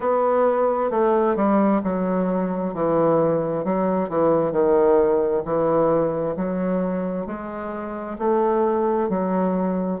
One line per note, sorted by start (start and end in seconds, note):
0.00 0.90 B3
0.90 1.36 A3
1.36 1.81 G3
1.83 2.74 F#3
2.74 3.64 E3
3.64 4.09 F#3
4.09 4.52 E3
4.52 5.43 D#3
5.44 6.35 E3
6.36 7.26 F#3
7.26 8.17 G#3
8.18 9.09 A3
9.09 10.00 F#3